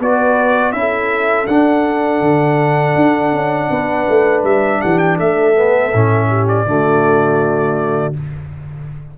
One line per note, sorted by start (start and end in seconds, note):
0.00 0.73 B3
0.00 0.73 F#4
0.00 0.74 B4
0.00 0.72 D5
0.72 1.47 C#4
0.72 1.48 E4
0.72 1.46 E5
0.79 3.71 A4
1.47 2.21 D4
1.47 5.55 D4
1.47 4.43 F#5
2.21 2.95 D3
2.96 3.33 D4
3.33 3.70 C#4
3.71 4.08 B3
3.71 4.81 B4
4.09 4.44 A3
4.44 4.81 G3
4.44 4.81 E5
4.81 5.20 E3
4.81 5.17 G4
4.81 4.99 F#5
4.99 5.17 G5
5.17 5.94 A3
5.17 6.28 A4
5.17 6.48 E5
5.55 5.92 B3
5.94 6.66 A2
5.94 6.66 C#4
6.29 6.66 G4
6.48 8.15 D5
6.66 8.15 D3
6.66 8.14 A3
6.66 8.18 F#4